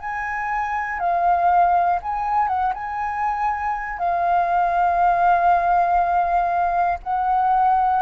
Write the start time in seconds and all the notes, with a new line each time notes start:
0.00 G#5
1.00 F5
2.02 G#5
2.48 F#5
2.74 G#5
3.99 F5
7.03 F#5